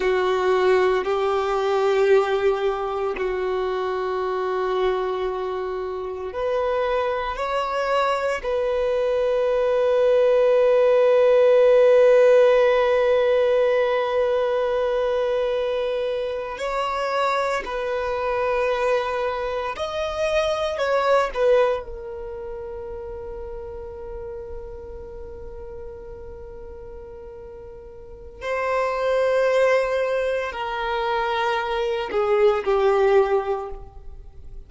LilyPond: \new Staff \with { instrumentName = "violin" } { \time 4/4 \tempo 4 = 57 fis'4 g'2 fis'4~ | fis'2 b'4 cis''4 | b'1~ | b'2.~ b'8. cis''16~ |
cis''8. b'2 dis''4 cis''16~ | cis''16 b'8 ais'2.~ ais'16~ | ais'2. c''4~ | c''4 ais'4. gis'8 g'4 | }